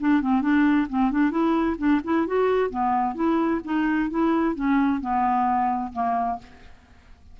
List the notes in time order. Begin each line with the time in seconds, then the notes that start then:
0.00 D4
0.21 C4
0.41 D4
0.89 C4
1.11 D4
1.31 E4
1.78 D4
2.04 E4
2.27 F#4
2.70 B3
3.15 E4
3.64 D#4
4.10 E4
4.55 C#4
5.00 B3
5.93 A#3